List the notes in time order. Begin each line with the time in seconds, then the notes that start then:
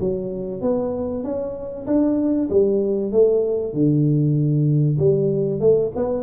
0.00 F#3
0.61 B3
1.24 C#4
1.87 D4
2.50 G3
3.12 A3
3.73 D3
4.99 G3
5.60 A3
5.96 B3